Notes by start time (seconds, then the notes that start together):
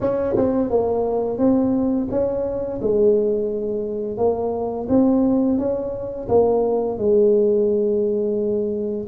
0.00 C#4
0.36 C4
0.70 A#3
1.38 C4
2.10 C#4
2.81 G#3
4.17 A#3
4.88 C4
5.58 C#4
6.28 A#3
6.98 G#3